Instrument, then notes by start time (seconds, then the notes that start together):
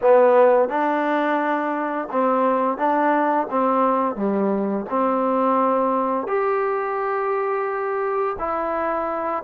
trombone
0.01 B3
0.68 D4
2.11 C4
2.77 D4
3.50 C4
4.15 G3
4.89 C4
6.27 G4
8.38 E4